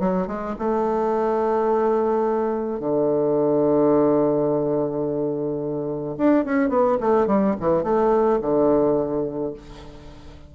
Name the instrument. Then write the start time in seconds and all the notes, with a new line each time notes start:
bassoon
0.00 F#3
0.28 G#3
0.59 A3
2.80 D3
6.18 D4
6.45 C#4
6.70 B3
7.01 A3
7.27 G3
7.60 E3
7.84 A3
8.42 D3